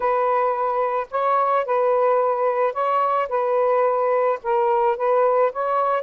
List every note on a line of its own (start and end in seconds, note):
0.00 1.07 B4
1.11 1.65 C#5
1.65 2.73 B4
2.73 3.28 C#5
3.29 4.39 B4
4.43 4.97 A#4
4.97 5.52 B4
5.52 6.02 C#5